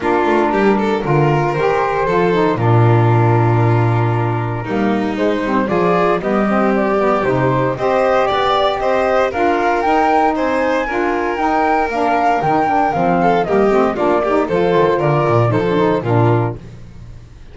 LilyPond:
<<
  \new Staff \with { instrumentName = "flute" } { \time 4/4 \tempo 4 = 116 ais'2. c''4~ | c''4 ais'2.~ | ais'2 c''4 d''4 | dis''4 d''4 c''4 dis''4 |
d''4 dis''4 f''4 g''4 | gis''2 g''4 f''4 | g''4 f''4 dis''4 d''4 | c''4 d''4 c''4 ais'4 | }
  \new Staff \with { instrumentName = "violin" } { \time 4/4 f'4 g'8 a'8 ais'2 | a'4 f'2.~ | f'4 dis'2 gis'4 | g'2. c''4 |
d''4 c''4 ais'2 | c''4 ais'2.~ | ais'4. a'8 g'4 f'8 g'8 | a'4 ais'4 a'4 f'4 | }
  \new Staff \with { instrumentName = "saxophone" } { \time 4/4 d'2 f'4 g'4 | f'8 dis'8 d'2.~ | d'4 ais4 gis8 c'8 f'4 | b8 c'4 b8 dis'4 g'4~ |
g'2 f'4 dis'4~ | dis'4 f'4 dis'4 d'4 | dis'8 d'8 c'4 ais8 c'8 d'8 dis'8 | f'2 dis'16 d'16 dis'8 d'4 | }
  \new Staff \with { instrumentName = "double bass" } { \time 4/4 ais8 a8 g4 d4 dis4 | f4 ais,2.~ | ais,4 g4 gis8 g8 f4 | g2 c4 c'4 |
b4 c'4 d'4 dis'4 | c'4 d'4 dis'4 ais4 | dis4 f4 g8 a8 ais4 | f8 dis8 d8 ais,8 f4 ais,4 | }
>>